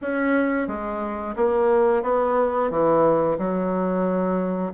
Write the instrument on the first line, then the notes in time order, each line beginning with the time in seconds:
bassoon
0.01 C#4
0.67 G#3
1.35 A#3
2.02 B3
2.70 E3
3.38 F#3